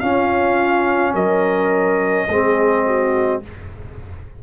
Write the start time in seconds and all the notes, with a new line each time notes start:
0.00 C#4 F4 F5
1.14 F#3 A#4 D#5
2.28 G#3 C4 G#4
2.86 F#4